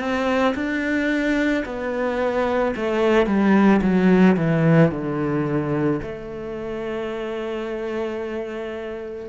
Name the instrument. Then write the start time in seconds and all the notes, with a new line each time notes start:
cello
0.00 C4
0.55 D4
1.65 B3
2.76 A3
3.26 G3
3.82 F#3
4.37 E3
4.91 D3
6.02 A3